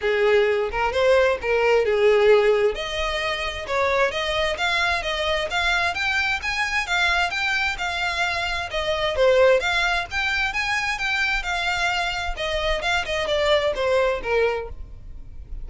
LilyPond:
\new Staff \with { instrumentName = "violin" } { \time 4/4 \tempo 4 = 131 gis'4. ais'8 c''4 ais'4 | gis'2 dis''2 | cis''4 dis''4 f''4 dis''4 | f''4 g''4 gis''4 f''4 |
g''4 f''2 dis''4 | c''4 f''4 g''4 gis''4 | g''4 f''2 dis''4 | f''8 dis''8 d''4 c''4 ais'4 | }